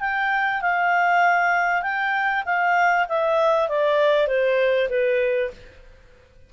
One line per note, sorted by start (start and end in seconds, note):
0.00 0.61 G5
0.62 1.82 F5
1.82 2.43 G5
2.45 3.06 F5
3.08 3.68 E5
3.68 4.27 D5
4.27 4.88 C5
4.89 5.50 B4